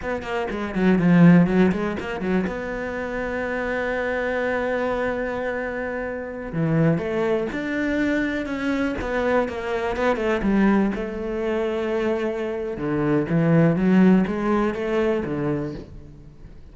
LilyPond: \new Staff \with { instrumentName = "cello" } { \time 4/4 \tempo 4 = 122 b8 ais8 gis8 fis8 f4 fis8 gis8 | ais8 fis8 b2.~ | b1~ | b4~ b16 e4 a4 d'8.~ |
d'4~ d'16 cis'4 b4 ais8.~ | ais16 b8 a8 g4 a4.~ a16~ | a2 d4 e4 | fis4 gis4 a4 d4 | }